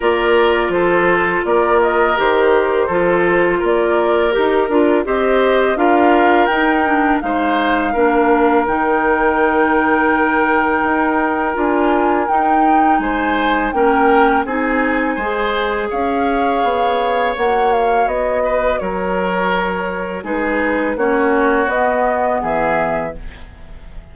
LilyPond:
<<
  \new Staff \with { instrumentName = "flute" } { \time 4/4 \tempo 4 = 83 d''4 c''4 d''8 dis''8 c''4~ | c''4 d''4 ais'4 dis''4 | f''4 g''4 f''2 | g''1 |
gis''4 g''4 gis''4 g''4 | gis''2 f''2 | fis''8 f''8 dis''4 cis''2 | b'4 cis''4 dis''4 e''4 | }
  \new Staff \with { instrumentName = "oboe" } { \time 4/4 ais'4 a'4 ais'2 | a'4 ais'2 c''4 | ais'2 c''4 ais'4~ | ais'1~ |
ais'2 c''4 ais'4 | gis'4 c''4 cis''2~ | cis''4. b'8 ais'2 | gis'4 fis'2 gis'4 | }
  \new Staff \with { instrumentName = "clarinet" } { \time 4/4 f'2. g'4 | f'2 g'8 f'8 g'4 | f'4 dis'8 d'8 dis'4 d'4 | dis'1 |
f'4 dis'2 cis'4 | dis'4 gis'2. | fis'1 | dis'4 cis'4 b2 | }
  \new Staff \with { instrumentName = "bassoon" } { \time 4/4 ais4 f4 ais4 dis4 | f4 ais4 dis'8 d'8 c'4 | d'4 dis'4 gis4 ais4 | dis2. dis'4 |
d'4 dis'4 gis4 ais4 | c'4 gis4 cis'4 b4 | ais4 b4 fis2 | gis4 ais4 b4 e4 | }
>>